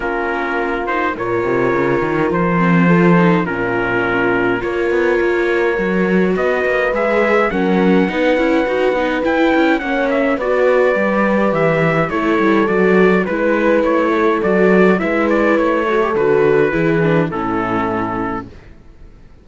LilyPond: <<
  \new Staff \with { instrumentName = "trumpet" } { \time 4/4 \tempo 4 = 104 ais'4. c''8 cis''2 | c''2 ais'2 | cis''2. dis''4 | e''4 fis''2. |
g''4 fis''8 e''8 d''2 | e''4 cis''4 d''4 b'4 | cis''4 d''4 e''8 d''8 cis''4 | b'2 a'2 | }
  \new Staff \with { instrumentName = "horn" } { \time 4/4 f'2 ais'2~ | ais'4 a'4 f'2 | ais'2. b'4~ | b'4 ais'4 b'2~ |
b'4 cis''4 b'2~ | b'4 a'2 b'4~ | b'8 a'4. b'4. a'8~ | a'4 gis'4 e'2 | }
  \new Staff \with { instrumentName = "viola" } { \time 4/4 cis'4. dis'8 f'2~ | f'8 c'8 f'8 dis'8 cis'2 | f'2 fis'2 | gis'4 cis'4 dis'8 e'8 fis'8 dis'8 |
e'4 cis'4 fis'4 g'4~ | g'4 e'4 fis'4 e'4~ | e'4 fis'4 e'4. fis'16 g'16 | fis'4 e'8 d'8 cis'2 | }
  \new Staff \with { instrumentName = "cello" } { \time 4/4 ais2 ais,8 c8 cis8 dis8 | f2 ais,2 | ais8 b8 ais4 fis4 b8 ais8 | gis4 fis4 b8 cis'8 dis'8 b8 |
e'8 cis'8 ais4 b4 g4 | e4 a8 g8 fis4 gis4 | a4 fis4 gis4 a4 | d4 e4 a,2 | }
>>